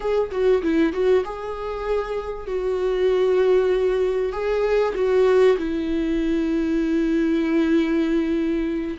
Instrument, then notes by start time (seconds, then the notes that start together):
viola
0.00 G#4
0.31 F#4
0.62 E4
0.93 F#4
1.25 G#4
2.47 F#4
4.32 G#4
4.95 F#4
5.57 E4